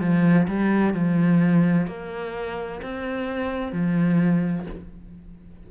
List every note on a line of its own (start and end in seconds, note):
0.00 0.47 F3
0.48 0.94 G3
0.94 1.87 F3
1.87 2.81 A#3
2.82 3.72 C4
3.72 4.66 F3